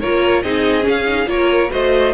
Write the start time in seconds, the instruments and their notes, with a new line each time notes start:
0.00 cello A#3, viola F4, violin A#4 C#5
0.43 cello C4, viola D#4, violin G#4 D#5
0.81 viola C#4
0.89 cello C#4, violin F5
1.07 viola D#4
1.26 cello A#3, viola F4, violin A#4 C#5
1.71 cello A3, viola F#4, violin C5 D#5